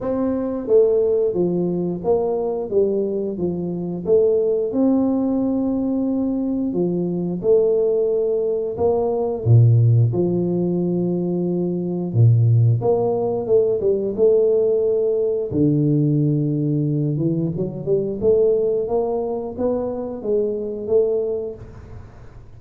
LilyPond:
\new Staff \with { instrumentName = "tuba" } { \time 4/4 \tempo 4 = 89 c'4 a4 f4 ais4 | g4 f4 a4 c'4~ | c'2 f4 a4~ | a4 ais4 ais,4 f4~ |
f2 ais,4 ais4 | a8 g8 a2 d4~ | d4. e8 fis8 g8 a4 | ais4 b4 gis4 a4 | }